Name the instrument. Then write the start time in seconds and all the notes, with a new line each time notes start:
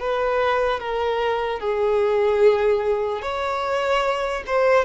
violin
0.00 B4
0.80 A#4
1.60 G#4
3.22 C#5
4.47 C5